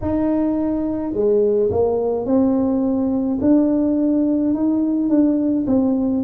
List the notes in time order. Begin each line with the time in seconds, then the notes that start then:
0.01 D#4
1.13 G#3
1.70 A#3
2.25 C4
3.40 D4
4.53 D#4
5.09 D4
5.67 C4